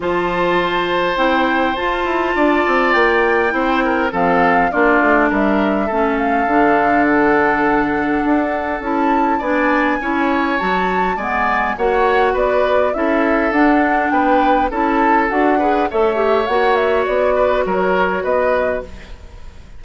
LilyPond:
<<
  \new Staff \with { instrumentName = "flute" } { \time 4/4 \tempo 4 = 102 a''2 g''4 a''4~ | a''4 g''2 f''4 | d''4 e''4. f''4. | fis''2. a''4 |
gis''2 a''4 gis''4 | fis''4 d''4 e''4 fis''4 | g''4 a''4 fis''4 e''4 | fis''8 e''8 d''4 cis''4 dis''4 | }
  \new Staff \with { instrumentName = "oboe" } { \time 4/4 c''1 | d''2 c''8 ais'8 a'4 | f'4 ais'4 a'2~ | a'1 |
d''4 cis''2 d''4 | cis''4 b'4 a'2 | b'4 a'4. b'8 cis''4~ | cis''4. b'8 ais'4 b'4 | }
  \new Staff \with { instrumentName = "clarinet" } { \time 4/4 f'2 e'4 f'4~ | f'2 e'4 c'4 | d'2 cis'4 d'4~ | d'2. e'4 |
d'4 e'4 fis'4 b4 | fis'2 e'4 d'4~ | d'4 e'4 fis'8 gis'8 a'8 g'8 | fis'1 | }
  \new Staff \with { instrumentName = "bassoon" } { \time 4/4 f2 c'4 f'8 e'8 | d'8 c'8 ais4 c'4 f4 | ais8 a8 g4 a4 d4~ | d2 d'4 cis'4 |
b4 cis'4 fis4 gis4 | ais4 b4 cis'4 d'4 | b4 cis'4 d'4 a4 | ais4 b4 fis4 b4 | }
>>